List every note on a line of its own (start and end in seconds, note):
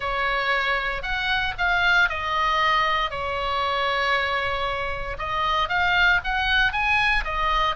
0.00 1.02 C#5
1.02 1.54 F#5
1.58 2.09 F5
2.09 3.10 D#5
3.10 5.17 C#5
5.18 5.68 D#5
5.68 6.20 F5
6.24 6.72 F#5
6.72 7.24 G#5
7.24 7.75 D#5